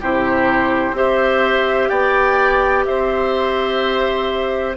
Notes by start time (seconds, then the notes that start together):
0.00 C3 E4 G4 C5
0.92 C4 G4 C5 E5
1.89 B3 D5 G5
2.85 C4 C5 E5